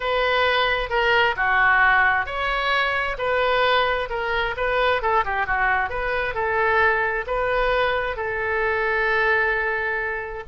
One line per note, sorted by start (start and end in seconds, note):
0.00 0.89 B4
0.89 1.35 A#4
1.36 2.26 F#4
2.26 3.17 C#5
3.17 4.08 B4
4.09 4.55 A#4
4.56 5.01 B4
5.01 5.24 A4
5.24 5.46 G4
5.46 5.89 F#4
5.89 6.34 B4
6.34 7.25 A4
7.26 8.16 B4
8.16 10.43 A4